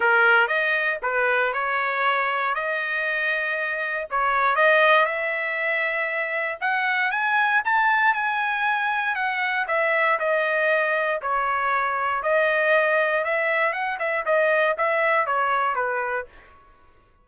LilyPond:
\new Staff \with { instrumentName = "trumpet" } { \time 4/4 \tempo 4 = 118 ais'4 dis''4 b'4 cis''4~ | cis''4 dis''2. | cis''4 dis''4 e''2~ | e''4 fis''4 gis''4 a''4 |
gis''2 fis''4 e''4 | dis''2 cis''2 | dis''2 e''4 fis''8 e''8 | dis''4 e''4 cis''4 b'4 | }